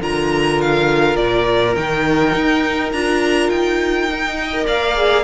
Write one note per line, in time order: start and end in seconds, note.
0.00 1.17 D3
0.00 1.76 F4
0.00 4.38 A#4
0.00 0.61 A#5
0.61 1.16 F5
1.16 1.75 A#2
1.16 1.74 D5
1.75 2.34 D#3
1.75 2.92 D#4
1.75 2.92 G5
2.35 2.92 D#4
2.92 3.49 D4
2.92 4.10 F4
2.92 3.49 A#5
3.49 4.66 D#4
3.49 4.66 G5
4.11 4.53 D#4
4.41 4.66 D#5
4.53 4.95 A#4
4.66 5.23 A#3
4.66 5.23 D5
4.66 5.23 F5
4.95 5.23 G#4